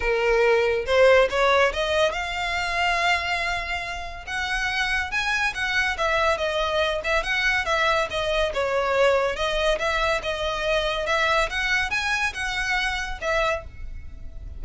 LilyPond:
\new Staff \with { instrumentName = "violin" } { \time 4/4 \tempo 4 = 141 ais'2 c''4 cis''4 | dis''4 f''2.~ | f''2 fis''2 | gis''4 fis''4 e''4 dis''4~ |
dis''8 e''8 fis''4 e''4 dis''4 | cis''2 dis''4 e''4 | dis''2 e''4 fis''4 | gis''4 fis''2 e''4 | }